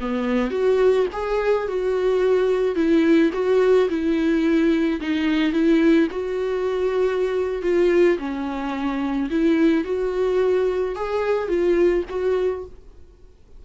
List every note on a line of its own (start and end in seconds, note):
0.00 0.50 B3
0.50 1.06 F#4
1.12 1.67 G#4
1.67 2.75 F#4
2.75 3.31 E4
3.33 3.88 F#4
3.89 5.00 E4
5.00 5.52 D#4
5.52 6.08 E4
6.11 7.62 F#4
7.62 8.17 F4
8.18 9.29 C#4
9.30 9.84 E4
9.84 10.95 F#4
10.95 11.48 G#4
11.48 12.04 F4
12.09 12.65 F#4